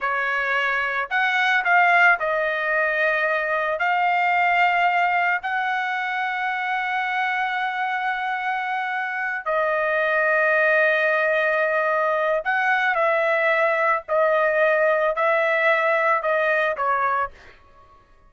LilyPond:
\new Staff \with { instrumentName = "trumpet" } { \time 4/4 \tempo 4 = 111 cis''2 fis''4 f''4 | dis''2. f''4~ | f''2 fis''2~ | fis''1~ |
fis''4. dis''2~ dis''8~ | dis''2. fis''4 | e''2 dis''2 | e''2 dis''4 cis''4 | }